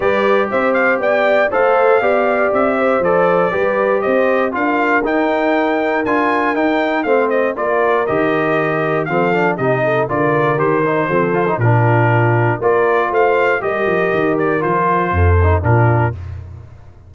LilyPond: <<
  \new Staff \with { instrumentName = "trumpet" } { \time 4/4 \tempo 4 = 119 d''4 e''8 f''8 g''4 f''4~ | f''4 e''4 d''2 | dis''4 f''4 g''2 | gis''4 g''4 f''8 dis''8 d''4 |
dis''2 f''4 dis''4 | d''4 c''2 ais'4~ | ais'4 d''4 f''4 dis''4~ | dis''8 d''8 c''2 ais'4 | }
  \new Staff \with { instrumentName = "horn" } { \time 4/4 b'4 c''4 d''4 c''4 | d''4. c''4. b'4 | c''4 ais'2.~ | ais'2 c''4 ais'4~ |
ais'2 a'4 g'8 a'8 | ais'2 a'4 f'4~ | f'4 ais'4 c''4 ais'4~ | ais'2 a'4 f'4 | }
  \new Staff \with { instrumentName = "trombone" } { \time 4/4 g'2. a'4 | g'2 a'4 g'4~ | g'4 f'4 dis'2 | f'4 dis'4 c'4 f'4 |
g'2 c'8 d'8 dis'4 | f'4 g'8 dis'8 c'8 f'16 dis'16 d'4~ | d'4 f'2 g'4~ | g'4 f'4. dis'8 d'4 | }
  \new Staff \with { instrumentName = "tuba" } { \time 4/4 g4 c'4 b4 a4 | b4 c'4 f4 g4 | c'4 d'4 dis'2 | d'4 dis'4 a4 ais4 |
dis2 f4 c4 | d4 dis4 f4 ais,4~ | ais,4 ais4 a4 g8 f8 | dis4 f4 f,4 ais,4 | }
>>